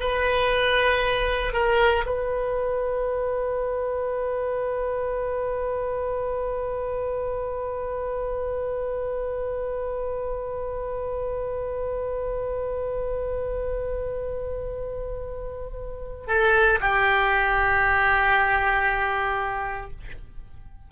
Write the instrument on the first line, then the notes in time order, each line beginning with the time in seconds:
oboe
0.00 B4
1.53 A#4
2.06 B4
16.27 A4
16.81 G4